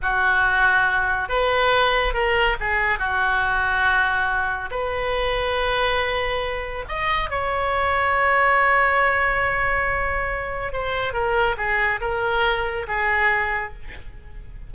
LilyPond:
\new Staff \with { instrumentName = "oboe" } { \time 4/4 \tempo 4 = 140 fis'2. b'4~ | b'4 ais'4 gis'4 fis'4~ | fis'2. b'4~ | b'1 |
dis''4 cis''2.~ | cis''1~ | cis''4 c''4 ais'4 gis'4 | ais'2 gis'2 | }